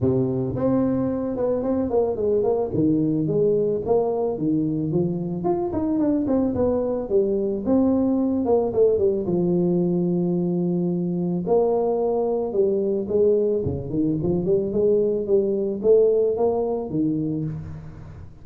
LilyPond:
\new Staff \with { instrumentName = "tuba" } { \time 4/4 \tempo 4 = 110 c4 c'4. b8 c'8 ais8 | gis8 ais8 dis4 gis4 ais4 | dis4 f4 f'8 dis'8 d'8 c'8 | b4 g4 c'4. ais8 |
a8 g8 f2.~ | f4 ais2 g4 | gis4 cis8 dis8 f8 g8 gis4 | g4 a4 ais4 dis4 | }